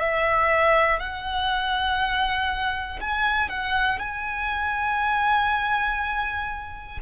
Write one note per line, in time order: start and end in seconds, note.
0.00 1.00 E5
1.00 3.00 F#5
3.00 3.49 G#5
3.49 3.99 F#5
3.99 6.99 G#5